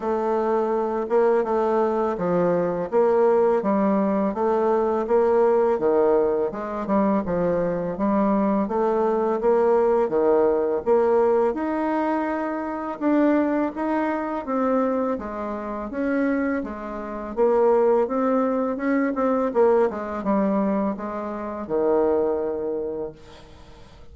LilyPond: \new Staff \with { instrumentName = "bassoon" } { \time 4/4 \tempo 4 = 83 a4. ais8 a4 f4 | ais4 g4 a4 ais4 | dis4 gis8 g8 f4 g4 | a4 ais4 dis4 ais4 |
dis'2 d'4 dis'4 | c'4 gis4 cis'4 gis4 | ais4 c'4 cis'8 c'8 ais8 gis8 | g4 gis4 dis2 | }